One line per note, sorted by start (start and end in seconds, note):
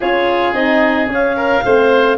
0.00 0.53 C#4
0.00 0.55 F4
0.00 1.36 G#4
0.00 0.52 C#5
0.52 1.08 C4
0.52 1.07 D#4
0.52 1.07 D#5
1.07 1.61 C#4
1.07 1.62 C#4
1.13 2.17 F5
1.36 1.63 A#4
1.64 2.17 A3
1.64 2.17 C4
1.64 2.17 C5